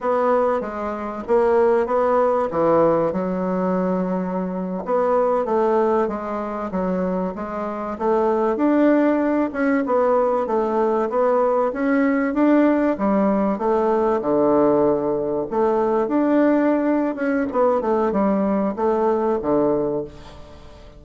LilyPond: \new Staff \with { instrumentName = "bassoon" } { \time 4/4 \tempo 4 = 96 b4 gis4 ais4 b4 | e4 fis2~ fis8. b16~ | b8. a4 gis4 fis4 gis16~ | gis8. a4 d'4. cis'8 b16~ |
b8. a4 b4 cis'4 d'16~ | d'8. g4 a4 d4~ d16~ | d8. a4 d'4.~ d'16 cis'8 | b8 a8 g4 a4 d4 | }